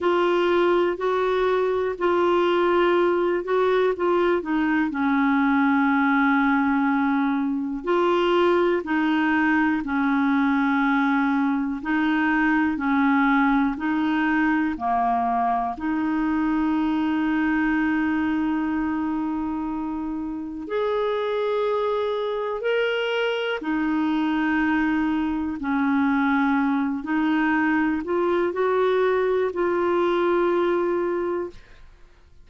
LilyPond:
\new Staff \with { instrumentName = "clarinet" } { \time 4/4 \tempo 4 = 61 f'4 fis'4 f'4. fis'8 | f'8 dis'8 cis'2. | f'4 dis'4 cis'2 | dis'4 cis'4 dis'4 ais4 |
dis'1~ | dis'4 gis'2 ais'4 | dis'2 cis'4. dis'8~ | dis'8 f'8 fis'4 f'2 | }